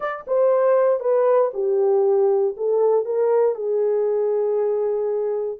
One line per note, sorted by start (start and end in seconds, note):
0.00 0.25 D5
0.27 1.00 C5
1.00 1.50 B4
1.53 2.55 G4
2.57 3.05 A4
3.05 3.55 A#4
3.55 5.58 G#4